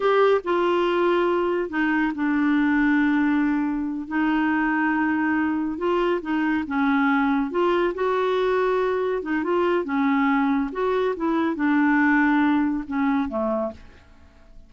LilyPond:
\new Staff \with { instrumentName = "clarinet" } { \time 4/4 \tempo 4 = 140 g'4 f'2. | dis'4 d'2.~ | d'4. dis'2~ dis'8~ | dis'4. f'4 dis'4 cis'8~ |
cis'4. f'4 fis'4.~ | fis'4. dis'8 f'4 cis'4~ | cis'4 fis'4 e'4 d'4~ | d'2 cis'4 a4 | }